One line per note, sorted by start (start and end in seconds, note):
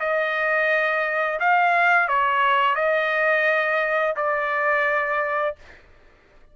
0.00 1.40 D#5
1.40 2.08 F5
2.08 2.76 C#5
2.76 4.15 D#5
4.17 5.56 D5